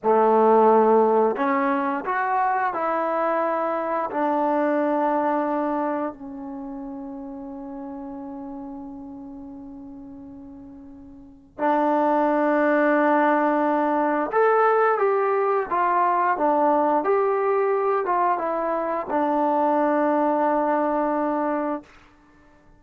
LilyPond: \new Staff \with { instrumentName = "trombone" } { \time 4/4 \tempo 4 = 88 a2 cis'4 fis'4 | e'2 d'2~ | d'4 cis'2.~ | cis'1~ |
cis'4 d'2.~ | d'4 a'4 g'4 f'4 | d'4 g'4. f'8 e'4 | d'1 | }